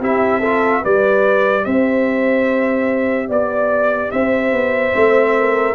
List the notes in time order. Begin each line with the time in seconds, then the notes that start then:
0.00 C4 E4 G4 E5
0.39 F4 A4
0.81 G3 G4 B4 D5
1.65 C4 C5 E5
3.28 B3 D5
4.11 C4 C5 E5
4.52 B3
4.93 A3 C4
5.38 A#4